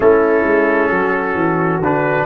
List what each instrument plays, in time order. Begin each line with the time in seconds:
0.00 tuba A3, trombone C#4, horn E4, trumpet A4
0.44 tuba G#3
0.89 tuba F#3, horn F#4
1.34 tuba E3
1.80 tuba D3, trombone D4, trumpet B4